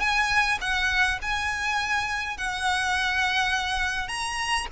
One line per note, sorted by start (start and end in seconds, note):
0.00 0.58 G#5
0.61 1.19 F#5
1.22 2.38 G#5
2.38 4.09 F#5
4.09 4.67 A#5